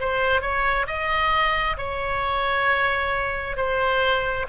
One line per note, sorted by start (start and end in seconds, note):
0.00 0.42 C5
0.42 0.86 C#5
0.87 1.77 D#5
1.77 3.57 C#5
3.57 4.46 C5